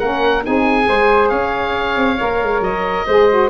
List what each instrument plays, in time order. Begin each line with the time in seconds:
0.00 tuba A#3, saxophone C#4, flute A#4, oboe F#5
0.44 tuba C4, saxophone D#4, flute G#4, oboe G#5
0.84 tuba G#3, saxophone G#4, flute C5
1.30 tuba C#4, flute C#5, oboe F5
1.97 tuba C4
2.20 tuba A#3, saxophone A#4
2.43 tuba G#3
2.61 tuba F#3, oboe D#5
3.07 tuba G#3, saxophone G#4, flute C5
3.30 saxophone F#4